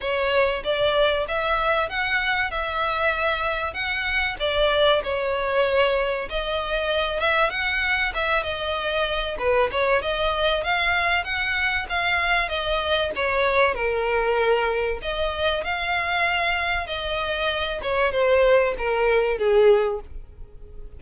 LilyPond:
\new Staff \with { instrumentName = "violin" } { \time 4/4 \tempo 4 = 96 cis''4 d''4 e''4 fis''4 | e''2 fis''4 d''4 | cis''2 dis''4. e''8 | fis''4 e''8 dis''4. b'8 cis''8 |
dis''4 f''4 fis''4 f''4 | dis''4 cis''4 ais'2 | dis''4 f''2 dis''4~ | dis''8 cis''8 c''4 ais'4 gis'4 | }